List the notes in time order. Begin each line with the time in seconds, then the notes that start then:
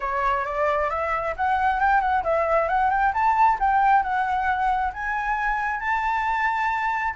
0.00 C#5
0.45 D5
0.90 E5
1.36 F#5
1.80 G5
2.00 F#5
2.23 E5
2.68 F#5
2.90 G5
3.13 A5
3.59 G5
4.03 F#5
4.93 G#5
5.80 A5